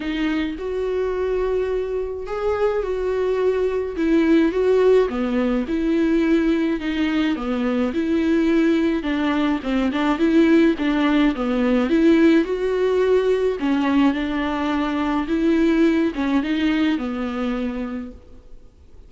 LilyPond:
\new Staff \with { instrumentName = "viola" } { \time 4/4 \tempo 4 = 106 dis'4 fis'2. | gis'4 fis'2 e'4 | fis'4 b4 e'2 | dis'4 b4 e'2 |
d'4 c'8 d'8 e'4 d'4 | b4 e'4 fis'2 | cis'4 d'2 e'4~ | e'8 cis'8 dis'4 b2 | }